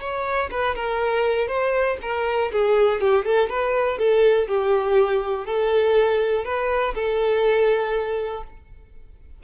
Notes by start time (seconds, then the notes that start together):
0.00 C#5
0.50 B4
0.75 A#4
1.47 C5
2.02 A#4
2.52 G#4
3.00 G4
3.25 A4
3.49 B4
3.98 A4
4.48 G4
5.45 A4
6.44 B4
6.94 A4